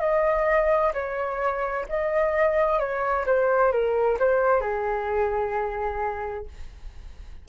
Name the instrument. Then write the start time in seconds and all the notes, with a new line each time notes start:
flute
0.00 D#5
0.94 C#5
1.89 D#5
2.79 C#5
3.26 C5
3.72 A#4
4.19 C5
4.61 G#4